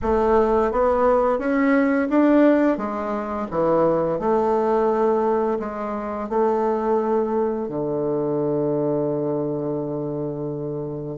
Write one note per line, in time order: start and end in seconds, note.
0.02 0.71 A3
0.71 1.38 B3
1.38 2.08 C#4
2.09 2.77 D4
2.77 3.47 G#3
3.51 4.19 E3
4.19 5.58 A3
5.59 6.29 G#3
6.29 7.68 A3
7.68 11.17 D3